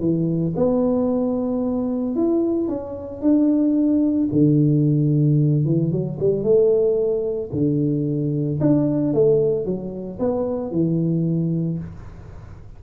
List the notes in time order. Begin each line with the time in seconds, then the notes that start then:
0.00 E3
0.56 B3
2.16 E4
2.68 C#4
3.22 D4
4.32 D3
5.65 E3
5.91 F#3
6.19 G3
6.43 A3
7.52 D3
8.61 D4
9.14 A3
9.65 F#3
10.19 B3
10.71 E3